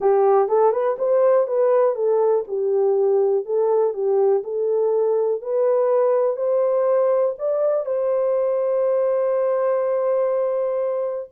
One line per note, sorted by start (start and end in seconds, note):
0.00 0.48 G4
0.48 0.72 A4
0.72 0.96 B4
0.98 1.47 C5
1.47 1.95 B4
1.95 2.44 A4
2.47 3.45 G4
3.45 3.93 A4
3.93 4.42 G4
4.43 5.41 A4
5.41 6.36 B4
6.36 7.34 C5
7.38 7.85 D5
7.85 11.29 C5